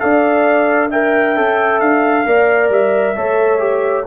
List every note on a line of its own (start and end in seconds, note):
0.00 1.37 D4
0.00 0.90 A4
0.00 0.90 D5
0.00 0.90 F5
0.90 1.36 A#4
0.90 2.24 E5
0.90 1.80 G5
1.36 1.81 C#4
1.36 2.26 A4
1.80 2.25 D4
1.80 2.70 F5
2.26 2.69 A#3
2.26 3.15 A#4
2.26 3.16 D5
2.69 3.14 G3
2.69 4.07 E5
3.16 4.07 A3
3.16 3.59 A4
3.16 4.06 C#5
3.59 4.04 G4